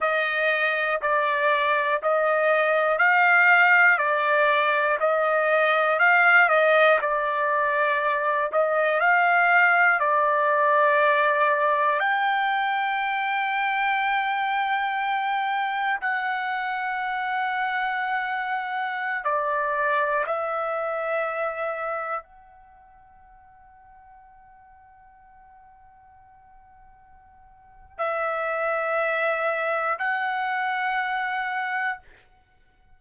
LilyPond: \new Staff \with { instrumentName = "trumpet" } { \time 4/4 \tempo 4 = 60 dis''4 d''4 dis''4 f''4 | d''4 dis''4 f''8 dis''8 d''4~ | d''8 dis''8 f''4 d''2 | g''1 |
fis''2.~ fis''16 d''8.~ | d''16 e''2 fis''4.~ fis''16~ | fis''1 | e''2 fis''2 | }